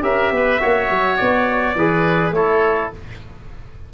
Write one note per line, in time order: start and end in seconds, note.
0.00 0.31 C#4
0.00 0.58 G4
0.00 0.32 A#4
0.00 1.16 E5
0.31 0.60 B3
0.31 0.61 B4
0.60 0.90 A#3
0.60 1.75 F#4
0.60 1.76 C#5
0.90 1.19 F#3
1.16 1.75 B3
1.16 2.32 D5
1.75 2.31 E3
1.75 2.35 G#4
1.75 2.35 B4
2.31 2.89 A3
2.31 2.93 E4
2.31 2.93 A4
2.31 2.91 C#5